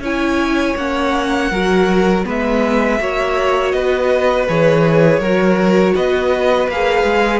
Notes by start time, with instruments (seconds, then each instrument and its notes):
0.00 cello C#4, viola E4, violin C#5 G#5
0.76 cello A#3, viola C#4, violin F#5
1.50 cello F#3, viola F#4, violin A#4
2.24 cello G#3, viola B3, violin B4 E5
2.98 cello A#3, viola F#4, violin C#5
3.71 cello B3, violin B4 D#5
4.48 cello E3, viola G#4, violin C#5
5.19 cello F#3, viola F#4, violin A#4
5.94 cello B3, violin B4 D#5
6.68 cello A#3, viola G#4, violin F5
7.04 cello G#3